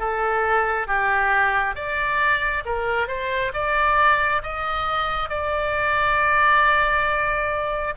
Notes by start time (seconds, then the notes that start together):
0.00 A4
0.87 G4
1.75 D5
2.66 A#4
3.08 C5
3.54 D5
4.43 D#5
5.30 D5